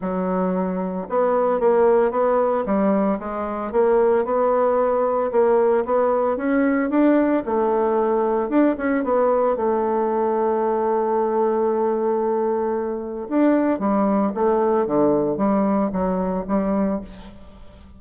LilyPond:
\new Staff \with { instrumentName = "bassoon" } { \time 4/4 \tempo 4 = 113 fis2 b4 ais4 | b4 g4 gis4 ais4 | b2 ais4 b4 | cis'4 d'4 a2 |
d'8 cis'8 b4 a2~ | a1~ | a4 d'4 g4 a4 | d4 g4 fis4 g4 | }